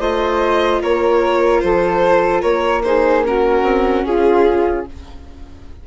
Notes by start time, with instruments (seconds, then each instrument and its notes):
0.00 bassoon A3, viola F4, flute C5, violin D#5
0.81 bassoon A#3, flute A#4, violin C#5
1.61 bassoon F3, flute A4, violin C5
2.42 bassoon A#3, flute A#4, violin C#5
2.84 viola D#4, flute G#4, violin C5
3.25 viola C#4, flute F#4, violin A#4
3.62 bassoon C4
4.05 bassoon C#4, flute F4, violin G#4